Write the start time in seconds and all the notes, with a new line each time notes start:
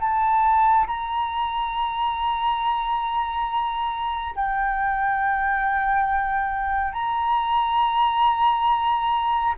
0.00 A5
0.87 A#5
4.36 G5
6.93 A#5